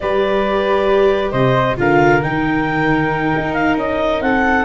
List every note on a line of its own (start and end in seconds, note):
0.00 1.32 G3
0.00 1.76 G4
0.00 1.31 B4
0.00 1.31 D5
1.31 1.77 C3
1.31 1.76 C5
1.31 1.76 D#5
1.76 2.22 D3
1.76 2.21 F4
1.76 4.23 A#4
1.76 2.22 F5
2.22 3.33 D#3
2.22 4.64 D#4
2.22 3.53 G5
3.36 3.76 D#4
3.53 3.75 F5
3.76 4.20 C#4
3.76 4.21 D#5
4.20 4.64 C4
4.20 4.64 A4
4.20 4.64 F#5